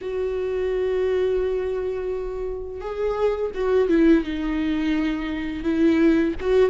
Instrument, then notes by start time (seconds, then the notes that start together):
viola
0.01 F#4
2.80 G#4
3.54 F#4
3.89 E4
4.24 D#4
5.63 E4
6.40 F#4